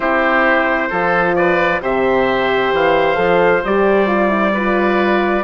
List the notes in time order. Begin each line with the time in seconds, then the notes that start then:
0.00 C4 E4 G4 C5
0.89 F3 F4 A4
1.35 B4 D5
1.81 C3 G4 C5 E5
2.73 E3 F5
3.15 F3 A4
3.64 G3 G4 D5
4.07 F4
4.28 E4
4.53 F4 B4